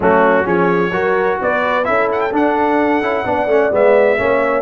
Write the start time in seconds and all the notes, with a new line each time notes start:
0.00 F#3 A3 C#4 F#4
0.44 F3 C#4 G#4 C#5
0.91 F#3 F#4 A#4
1.41 B3 B4 D5
1.84 C#4 E4 A4 E5
2.12 F#5
2.20 G5
2.32 D4 F#5
3.01 C#4 E4
3.24 B3 D4 D5
3.46 A3 C#4
3.71 G#3 B3 E5
4.17 A#3 C#4 C#5